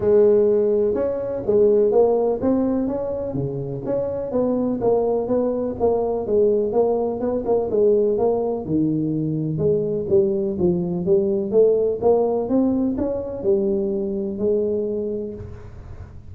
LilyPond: \new Staff \with { instrumentName = "tuba" } { \time 4/4 \tempo 4 = 125 gis2 cis'4 gis4 | ais4 c'4 cis'4 cis4 | cis'4 b4 ais4 b4 | ais4 gis4 ais4 b8 ais8 |
gis4 ais4 dis2 | gis4 g4 f4 g4 | a4 ais4 c'4 cis'4 | g2 gis2 | }